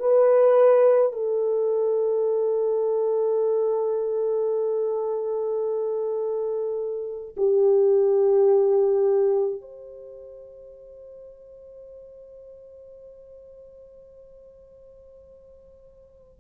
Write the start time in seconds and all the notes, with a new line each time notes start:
0.00 B4
1.13 A4
7.37 G4
9.62 C5